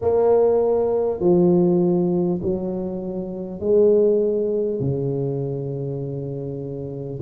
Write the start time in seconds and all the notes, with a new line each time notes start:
0.01 A#3
1.20 F3
2.42 F#3
3.59 G#3
4.80 C#3